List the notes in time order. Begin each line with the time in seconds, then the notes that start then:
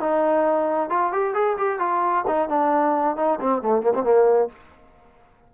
0.00 D#4
0.90 F4
1.12 G4
1.34 G#4
1.58 G4
1.80 F4
2.27 D#4
2.49 D4
3.17 D#4
3.41 C4
3.62 A3
3.82 A#3
3.94 C4
4.04 A#3